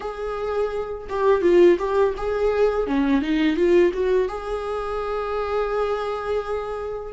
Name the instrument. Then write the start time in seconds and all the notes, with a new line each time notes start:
viola
0.00 G#4
1.09 G4
1.41 F4
1.79 G4
2.17 G#4
2.86 C#4
3.21 D#4
3.56 F4
3.93 F#4
4.28 G#4